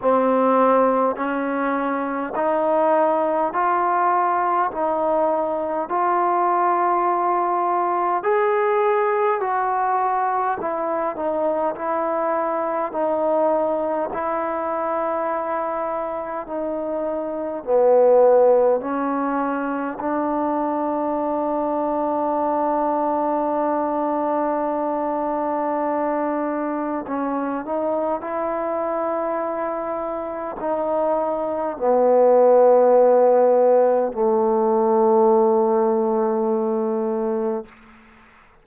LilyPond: \new Staff \with { instrumentName = "trombone" } { \time 4/4 \tempo 4 = 51 c'4 cis'4 dis'4 f'4 | dis'4 f'2 gis'4 | fis'4 e'8 dis'8 e'4 dis'4 | e'2 dis'4 b4 |
cis'4 d'2.~ | d'2. cis'8 dis'8 | e'2 dis'4 b4~ | b4 a2. | }